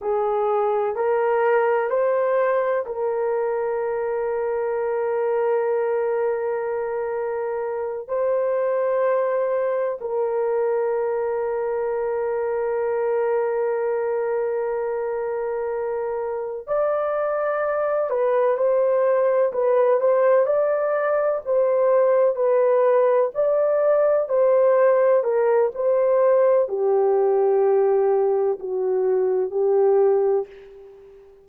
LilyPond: \new Staff \with { instrumentName = "horn" } { \time 4/4 \tempo 4 = 63 gis'4 ais'4 c''4 ais'4~ | ais'1~ | ais'8 c''2 ais'4.~ | ais'1~ |
ais'4. d''4. b'8 c''8~ | c''8 b'8 c''8 d''4 c''4 b'8~ | b'8 d''4 c''4 ais'8 c''4 | g'2 fis'4 g'4 | }